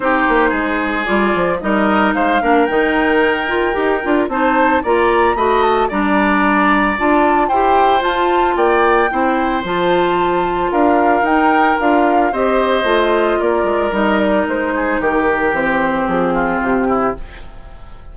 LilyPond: <<
  \new Staff \with { instrumentName = "flute" } { \time 4/4 \tempo 4 = 112 c''2 d''4 dis''4 | f''4 g''2. | a''4 ais''4 b''8 a''8 ais''4~ | ais''4 a''4 g''4 a''4 |
g''2 a''2 | f''4 g''4 f''4 dis''4~ | dis''4 d''4 dis''8 d''8 c''4 | ais'4 c''4 gis'4 g'4 | }
  \new Staff \with { instrumentName = "oboe" } { \time 4/4 g'4 gis'2 ais'4 | c''8 ais'2.~ ais'8 | c''4 d''4 dis''4 d''4~ | d''2 c''2 |
d''4 c''2. | ais'2. c''4~ | c''4 ais'2~ ais'8 gis'8 | g'2~ g'8 f'4 e'8 | }
  \new Staff \with { instrumentName = "clarinet" } { \time 4/4 dis'2 f'4 dis'4~ | dis'8 d'8 dis'4. f'8 g'8 f'8 | dis'4 f'4 fis'4 d'4~ | d'4 f'4 g'4 f'4~ |
f'4 e'4 f'2~ | f'4 dis'4 f'4 g'4 | f'2 dis'2~ | dis'4 c'2. | }
  \new Staff \with { instrumentName = "bassoon" } { \time 4/4 c'8 ais8 gis4 g8 f8 g4 | gis8 ais8 dis2 dis'8 d'8 | c'4 ais4 a4 g4~ | g4 d'4 e'4 f'4 |
ais4 c'4 f2 | d'4 dis'4 d'4 c'4 | a4 ais8 gis8 g4 gis4 | dis4 e4 f4 c4 | }
>>